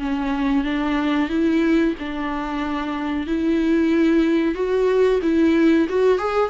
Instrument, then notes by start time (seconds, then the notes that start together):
viola
0.00 C#4
0.64 D4
1.30 E4
2.00 D4
3.27 E4
4.55 F#4
5.23 E4
5.89 F#4
6.19 G#4